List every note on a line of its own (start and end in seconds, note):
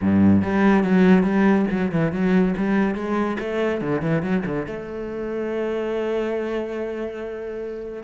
0.01 0.42 G2
0.42 0.83 G3
0.83 1.23 F#3
1.23 1.65 G3
1.70 1.91 F#3
1.91 2.12 E3
2.12 2.54 F#3
2.57 2.94 G3
2.94 3.37 G#3
3.39 3.81 A3
3.81 4.01 D3
4.01 4.22 E3
4.22 4.43 F#3
4.45 4.66 D3
4.66 8.03 A3